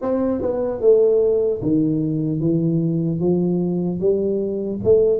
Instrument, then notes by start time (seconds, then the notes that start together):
tuba
0.01 C4
0.41 B3
0.80 A3
1.61 D#3
2.40 E3
3.20 F3
4.00 G3
4.84 A3